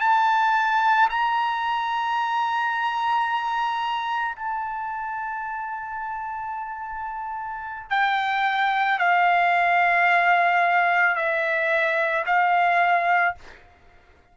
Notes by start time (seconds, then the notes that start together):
0.00 A5
1.10 A#5
4.36 A5
7.90 G5
8.99 F5
11.16 E5
12.26 F5